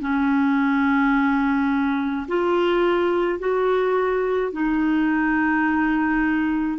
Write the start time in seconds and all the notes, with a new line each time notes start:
0.00 C#4
2.28 F4
3.39 F#4
4.52 D#4